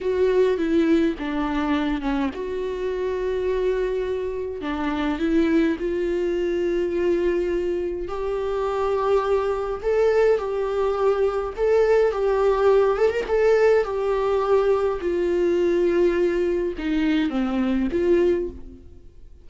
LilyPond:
\new Staff \with { instrumentName = "viola" } { \time 4/4 \tempo 4 = 104 fis'4 e'4 d'4. cis'8 | fis'1 | d'4 e'4 f'2~ | f'2 g'2~ |
g'4 a'4 g'2 | a'4 g'4. a'16 ais'16 a'4 | g'2 f'2~ | f'4 dis'4 c'4 f'4 | }